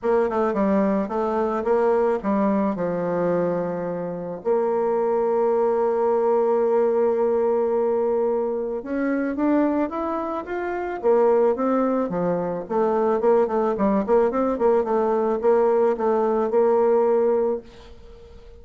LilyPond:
\new Staff \with { instrumentName = "bassoon" } { \time 4/4 \tempo 4 = 109 ais8 a8 g4 a4 ais4 | g4 f2. | ais1~ | ais1 |
cis'4 d'4 e'4 f'4 | ais4 c'4 f4 a4 | ais8 a8 g8 ais8 c'8 ais8 a4 | ais4 a4 ais2 | }